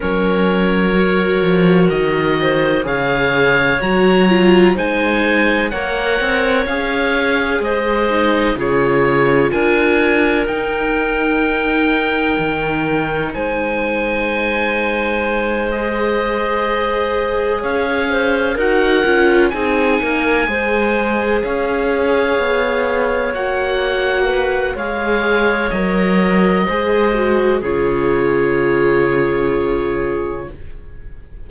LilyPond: <<
  \new Staff \with { instrumentName = "oboe" } { \time 4/4 \tempo 4 = 63 cis''2 dis''4 f''4 | ais''4 gis''4 fis''4 f''4 | dis''4 cis''4 gis''4 g''4~ | g''2 gis''2~ |
gis''8 dis''2 f''4 fis''8~ | fis''8 gis''2 f''4.~ | f''8 fis''4. f''4 dis''4~ | dis''4 cis''2. | }
  \new Staff \with { instrumentName = "clarinet" } { \time 4/4 ais'2~ ais'8 c''8 cis''4~ | cis''4 c''4 cis''2 | c''4 gis'4 ais'2~ | ais'2 c''2~ |
c''2~ c''8 cis''8 c''8 ais'8~ | ais'8 gis'8 ais'8 c''4 cis''4.~ | cis''4. b'8 cis''2 | c''4 gis'2. | }
  \new Staff \with { instrumentName = "viola" } { \time 4/4 cis'4 fis'2 gis'4 | fis'8 f'8 dis'4 ais'4 gis'4~ | gis'8 dis'8 f'2 dis'4~ | dis'1~ |
dis'8 gis'2. fis'8 | f'8 dis'4 gis'2~ gis'8~ | gis'8 fis'4. gis'4 ais'4 | gis'8 fis'8 f'2. | }
  \new Staff \with { instrumentName = "cello" } { \time 4/4 fis4. f8 dis4 cis4 | fis4 gis4 ais8 c'8 cis'4 | gis4 cis4 d'4 dis'4~ | dis'4 dis4 gis2~ |
gis2~ gis8 cis'4 dis'8 | cis'8 c'8 ais8 gis4 cis'4 b8~ | b8 ais4. gis4 fis4 | gis4 cis2. | }
>>